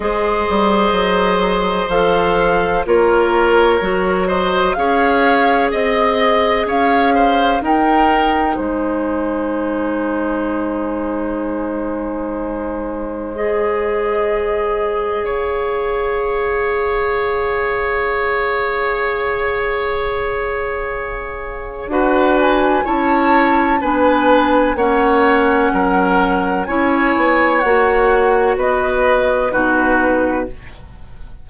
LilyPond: <<
  \new Staff \with { instrumentName = "flute" } { \time 4/4 \tempo 4 = 63 dis''2 f''4 cis''4~ | cis''8 dis''8 f''4 dis''4 f''4 | g''4 gis''2.~ | gis''2 dis''2 |
f''1~ | f''2. fis''8 gis''8 | a''4 gis''4 fis''2 | gis''4 fis''4 dis''4 b'4 | }
  \new Staff \with { instrumentName = "oboe" } { \time 4/4 c''2. ais'4~ | ais'8 c''8 cis''4 dis''4 cis''8 c''8 | ais'4 c''2.~ | c''1 |
cis''1~ | cis''2. b'4 | cis''4 b'4 cis''4 ais'4 | cis''2 b'4 fis'4 | }
  \new Staff \with { instrumentName = "clarinet" } { \time 4/4 gis'2 a'4 f'4 | fis'4 gis'2. | dis'1~ | dis'2 gis'2~ |
gis'1~ | gis'2. fis'4 | e'4 d'4 cis'2 | e'4 fis'2 dis'4 | }
  \new Staff \with { instrumentName = "bassoon" } { \time 4/4 gis8 g8 fis4 f4 ais4 | fis4 cis'4 c'4 cis'4 | dis'4 gis2.~ | gis1 |
cis'1~ | cis'2. d'4 | cis'4 b4 ais4 fis4 | cis'8 b8 ais4 b4 b,4 | }
>>